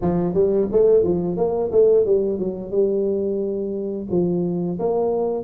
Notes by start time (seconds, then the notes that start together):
0.01 F3
0.33 G3
0.72 A3
1.03 F3
1.36 A#3
1.71 A3
2.05 G3
2.38 F#3
2.71 G3
4.10 F3
4.79 A#3